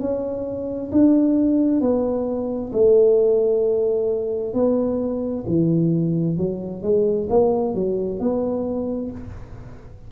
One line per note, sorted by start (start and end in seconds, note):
0.00 0.91 C#4
0.92 1.81 D4
1.81 2.71 B3
2.73 4.54 A3
4.54 5.45 B3
5.47 6.37 E3
6.37 6.83 F#3
6.83 7.28 G#3
7.30 7.74 A#3
7.74 8.20 F#3
8.20 9.11 B3